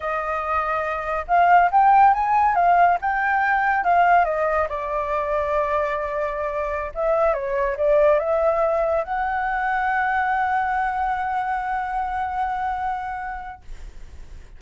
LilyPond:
\new Staff \with { instrumentName = "flute" } { \time 4/4 \tempo 4 = 141 dis''2. f''4 | g''4 gis''4 f''4 g''4~ | g''4 f''4 dis''4 d''4~ | d''1~ |
d''16 e''4 cis''4 d''4 e''8.~ | e''4~ e''16 fis''2~ fis''8.~ | fis''1~ | fis''1 | }